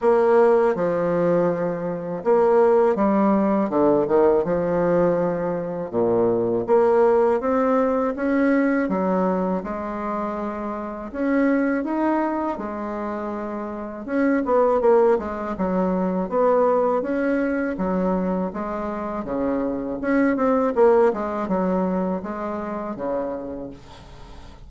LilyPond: \new Staff \with { instrumentName = "bassoon" } { \time 4/4 \tempo 4 = 81 ais4 f2 ais4 | g4 d8 dis8 f2 | ais,4 ais4 c'4 cis'4 | fis4 gis2 cis'4 |
dis'4 gis2 cis'8 b8 | ais8 gis8 fis4 b4 cis'4 | fis4 gis4 cis4 cis'8 c'8 | ais8 gis8 fis4 gis4 cis4 | }